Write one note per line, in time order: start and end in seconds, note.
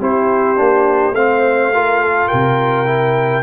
0.00 0.58 C4
0.00 0.56 E4
0.00 1.15 G4
0.00 1.15 C5
0.56 1.12 A#3
0.56 1.14 D4
1.12 2.27 A3
1.12 1.73 C4
1.12 1.73 C5
1.12 2.28 F5
1.74 2.86 F4
1.74 2.01 A#4
2.01 2.29 A4
2.28 3.44 C3
2.28 3.44 A#4
2.28 3.44 G5
2.86 3.44 E4